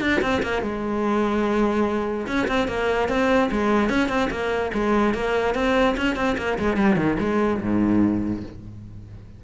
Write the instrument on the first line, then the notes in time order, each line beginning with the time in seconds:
cello
0.00 D4
0.21 C4
0.42 A#3
0.62 G#3
2.27 C#4
2.48 C4
2.67 A#3
3.08 C4
3.51 G#3
3.89 C#4
4.08 C4
4.30 A#3
4.73 G#3
5.14 A#3
5.54 C4
5.97 C#4
6.15 C4
6.37 A#3
6.58 G#3
6.76 G3
6.96 D#3
7.20 G#3
7.61 G#2